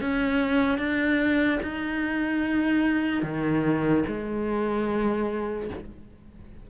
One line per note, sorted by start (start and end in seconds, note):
0.00 0.78 C#4
0.78 1.59 D4
1.62 3.22 D#4
3.22 4.03 D#3
4.07 5.69 G#3